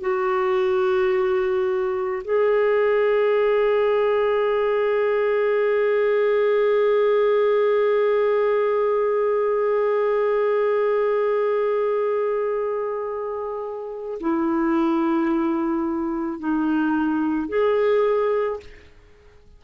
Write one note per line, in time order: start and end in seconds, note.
0.00 2.22 F#4
2.24 14.18 G#4
14.20 16.39 E4
16.39 17.48 D#4
17.48 18.60 G#4